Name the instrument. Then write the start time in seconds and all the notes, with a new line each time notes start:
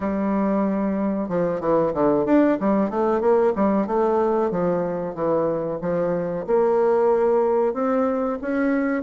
bassoon
0.00 G3
1.28 F3
1.60 E3
1.93 D3
2.25 D4
2.60 G3
2.90 A3
3.20 A#3
3.55 G3
3.87 A3
4.50 F3
5.14 E3
5.81 F3
6.46 A#3
7.73 C4
8.41 C#4